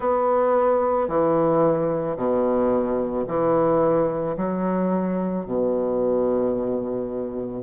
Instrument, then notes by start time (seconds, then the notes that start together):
bassoon
0.00 B3
1.08 E3
2.16 B2
3.27 E3
4.36 F#3
5.45 B2